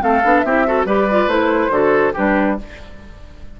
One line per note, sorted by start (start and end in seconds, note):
0.00 0.23 A3
0.00 0.21 C4
0.00 0.45 A4
0.00 0.40 F5
0.24 0.44 B3
0.24 0.45 D4
0.40 0.85 C4
0.40 0.66 G4
0.40 0.82 E5
0.46 0.66 E4
0.66 0.86 F#4
0.66 0.86 A4
0.85 1.27 G3
0.85 1.08 G4
0.85 1.71 B4
0.85 1.28 D5
1.10 1.29 F4
1.27 1.69 A3
1.27 1.70 E4
1.27 2.13 C5
1.70 2.13 D3
1.70 2.12 F#4
1.70 2.13 A4
2.13 2.60 G3
2.13 2.58 D4
2.13 2.55 G4
2.13 2.58 B4